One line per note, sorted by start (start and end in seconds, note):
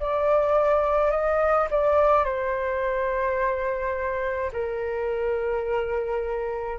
0.00 1.11 D5
1.11 1.68 D#5
1.71 2.25 D5
2.25 4.51 C5
4.53 6.79 A#4